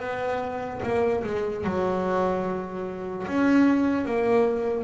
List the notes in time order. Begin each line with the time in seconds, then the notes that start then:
0.00 B3
0.83 A#3
1.24 G#3
1.65 F#3
3.27 C#4
4.05 A#3